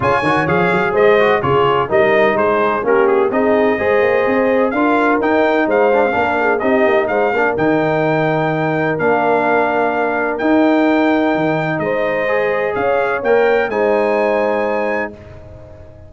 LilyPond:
<<
  \new Staff \with { instrumentName = "trumpet" } { \time 4/4 \tempo 4 = 127 gis''4 f''4 dis''4 cis''4 | dis''4 c''4 ais'8 gis'8 dis''4~ | dis''2 f''4 g''4 | f''2 dis''4 f''4 |
g''2. f''4~ | f''2 g''2~ | g''4 dis''2 f''4 | g''4 gis''2. | }
  \new Staff \with { instrumentName = "horn" } { \time 4/4 cis''2 c''4 gis'4 | ais'4 gis'4 g'4 gis'4 | c''2 ais'2 | c''4 ais'8 gis'8 g'4 c''8 ais'8~ |
ais'1~ | ais'1~ | ais'4 c''2 cis''4~ | cis''4 c''2. | }
  \new Staff \with { instrumentName = "trombone" } { \time 4/4 f'8 fis'8 gis'4. fis'8 f'4 | dis'2 cis'4 dis'4 | gis'2 f'4 dis'4~ | dis'8 d'16 c'16 d'4 dis'4. d'8 |
dis'2. d'4~ | d'2 dis'2~ | dis'2 gis'2 | ais'4 dis'2. | }
  \new Staff \with { instrumentName = "tuba" } { \time 4/4 cis8 dis8 f8 fis8 gis4 cis4 | g4 gis4 ais4 c'4 | gis8 ais8 c'4 d'4 dis'4 | gis4 ais4 c'8 ais8 gis8 ais8 |
dis2. ais4~ | ais2 dis'2 | dis4 gis2 cis'4 | ais4 gis2. | }
>>